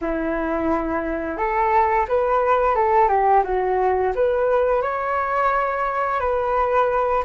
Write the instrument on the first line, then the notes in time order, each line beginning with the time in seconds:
flute
0.01 E4
1.37 A4
2.08 B4
2.75 A4
3.08 G4
3.44 F#4
4.15 B4
4.82 C#5
6.20 B4